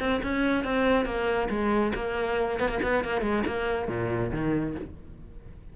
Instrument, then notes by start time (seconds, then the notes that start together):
cello
0.00 C4
0.24 C#4
0.65 C4
1.06 A#3
1.50 G#3
1.95 A#3
2.60 B3
2.69 A#3
2.83 B3
3.05 A#3
3.22 G#3
3.47 A#3
3.88 A#2
4.32 D#3